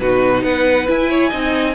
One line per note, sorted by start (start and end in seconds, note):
0.00 0.44 B2
0.00 0.88 D#4
0.00 0.44 F#4
0.00 0.44 B4
0.44 0.88 B3
0.44 1.10 B4
0.44 0.88 F#5
0.88 1.32 E4
0.88 1.33 E4
0.88 1.76 G#5
1.10 1.30 C#5
1.30 1.76 C4
1.30 1.76 D#4
1.30 1.74 D#5